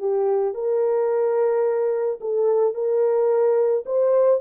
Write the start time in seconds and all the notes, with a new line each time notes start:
0.00 G4
0.55 A#4
2.21 A4
2.75 A#4
3.86 C5